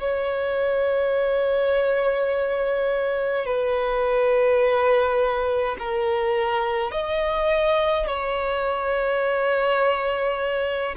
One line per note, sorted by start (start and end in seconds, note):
0.00 3.45 C#5
3.45 5.76 B4
5.79 6.91 A#4
6.91 8.07 D#5
8.07 10.95 C#5